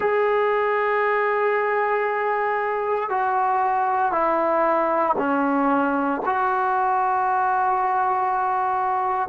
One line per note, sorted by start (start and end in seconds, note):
0.00 3.09 G#4
3.09 4.11 F#4
4.11 5.15 E4
5.18 6.21 C#4
6.25 9.28 F#4